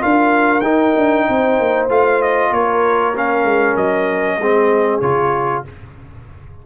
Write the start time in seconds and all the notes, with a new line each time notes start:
0.00 D4 F4 A#4 F5
0.61 D#4 G5
0.97 D4
1.28 C4 C5
1.59 A#3
1.89 A3 F4 F5
2.22 D#5
2.51 A#3 A#4 C#5
3.16 C#4 F5
3.44 G#3
3.76 F#3 D#5
4.38 G#3 C4 G#4
5.01 C#3 F4 C#5